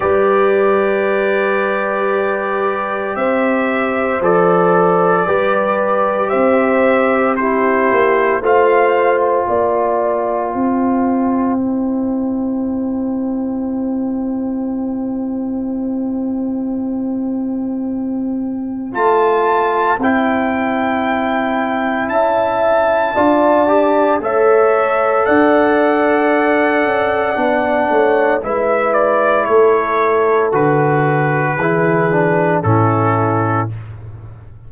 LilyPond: <<
  \new Staff \with { instrumentName = "trumpet" } { \time 4/4 \tempo 4 = 57 d''2. e''4 | d''2 e''4 c''4 | f''8. g''2.~ g''16~ | g''1~ |
g''2 a''4 g''4~ | g''4 a''2 e''4 | fis''2. e''8 d''8 | cis''4 b'2 a'4 | }
  \new Staff \with { instrumentName = "horn" } { \time 4/4 b'2. c''4~ | c''4 b'4 c''4 g'4 | c''4 d''4 c''2~ | c''1~ |
c''1~ | c''4 e''4 d''4 cis''4 | d''2~ d''8 cis''8 b'4 | a'2 gis'4 e'4 | }
  \new Staff \with { instrumentName = "trombone" } { \time 4/4 g'1 | a'4 g'2 e'4 | f'2. e'4~ | e'1~ |
e'2 f'4 e'4~ | e'2 f'8 g'8 a'4~ | a'2 d'4 e'4~ | e'4 fis'4 e'8 d'8 cis'4 | }
  \new Staff \with { instrumentName = "tuba" } { \time 4/4 g2. c'4 | f4 g4 c'4. ais8 | a4 ais4 c'2~ | c'1~ |
c'2 a4 c'4~ | c'4 cis'4 d'4 a4 | d'4. cis'8 b8 a8 gis4 | a4 d4 e4 a,4 | }
>>